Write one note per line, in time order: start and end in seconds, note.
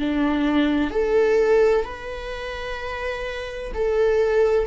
0.00 0.91 D4
0.91 1.85 A4
1.85 3.72 B4
3.75 4.67 A4